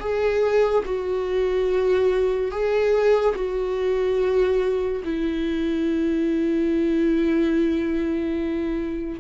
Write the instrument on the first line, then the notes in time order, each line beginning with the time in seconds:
viola
0.00 G#4
0.85 F#4
2.51 G#4
3.35 F#4
5.04 E4